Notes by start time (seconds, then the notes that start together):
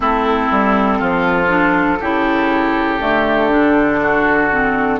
0.00 A3 C4 E4 A4
0.50 G3
0.98 F3 F4
1.48 D4
2.00 C#3 E4 G4
2.99 D3 A3
3.50 D4
4.01 F#4
4.50 C4